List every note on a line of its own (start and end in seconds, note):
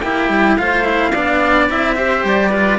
0.00 0.29 A#3
0.00 0.58 E4
0.00 0.58 G4
0.00 0.56 G5
0.29 0.57 G3
0.57 1.14 A3
0.57 0.84 F4
0.57 1.11 C5
0.57 1.68 F5
0.84 1.12 E4
1.11 1.70 B3
1.11 1.69 D4
1.11 1.94 D5
1.69 2.23 C4
1.69 1.96 E4
1.69 2.26 E5
1.96 2.51 G4
1.96 2.50 C5
2.23 2.79 G3
2.23 2.79 D5
2.50 2.79 F4
2.50 2.78 B4